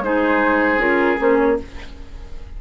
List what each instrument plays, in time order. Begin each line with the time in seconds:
0.00 bassoon G#3, clarinet D#4, oboe G#4, flute C5
0.77 bassoon C#4, clarinet F4, flute A#4
1.18 bassoon A#3, clarinet C#4, flute C5
1.37 flute C#5